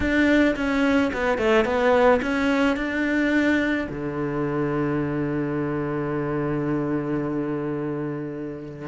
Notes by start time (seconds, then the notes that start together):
0.00 D4
0.56 C#4
1.13 B3
1.37 A3
1.65 B3
2.22 C#4
2.76 D4
3.89 D3